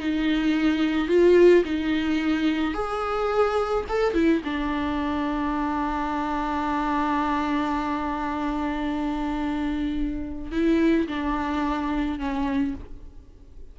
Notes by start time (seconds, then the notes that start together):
0.00 D#4
1.08 F4
1.65 D#4
2.74 G#4
3.89 A4
4.14 E4
4.45 D4
10.52 E4
11.08 D4
12.19 C#4